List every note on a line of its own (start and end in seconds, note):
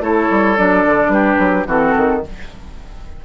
0.00 0.28 A3
0.00 0.56 E4
0.00 1.12 A4
0.00 0.58 C#5
0.31 0.58 G3
0.57 0.85 F#3
0.57 1.66 D4
0.57 1.11 D5
0.85 1.08 D3
1.08 1.36 G3
1.08 1.67 G4
1.08 1.66 B4
1.39 1.66 F#3
1.66 1.94 E3
1.66 2.21 C4
1.66 2.22 F#4
1.66 2.25 A4
1.97 2.25 D#3